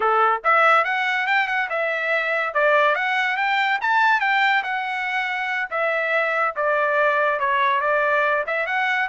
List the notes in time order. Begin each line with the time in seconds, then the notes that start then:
0.00 A4
0.44 E5
0.84 F#5
1.27 G5
1.47 F#5
1.69 E5
2.54 D5
2.95 F#5
3.36 G5
3.81 A5
4.20 G5
4.63 F#5
5.70 E5
6.56 D5
7.39 C#5
7.81 D5
8.46 E5
8.66 F#5